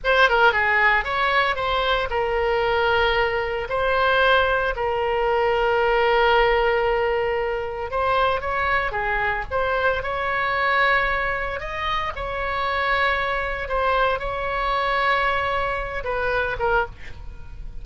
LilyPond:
\new Staff \with { instrumentName = "oboe" } { \time 4/4 \tempo 4 = 114 c''8 ais'8 gis'4 cis''4 c''4 | ais'2. c''4~ | c''4 ais'2.~ | ais'2. c''4 |
cis''4 gis'4 c''4 cis''4~ | cis''2 dis''4 cis''4~ | cis''2 c''4 cis''4~ | cis''2~ cis''8 b'4 ais'8 | }